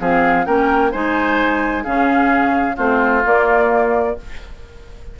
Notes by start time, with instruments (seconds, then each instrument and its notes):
0.00 bassoon F3, clarinet C4, oboe G#4, flute F5
0.45 bassoon A#3, clarinet C#4, oboe A#4, flute G5
0.92 bassoon G#3, clarinet D#4, oboe C5, flute G#5
1.84 bassoon C#3, clarinet C#4, oboe G#4, flute F5
2.76 bassoon A3, clarinet C4, oboe F4, flute C5
3.25 clarinet A#3, bassoon A#3, flute D5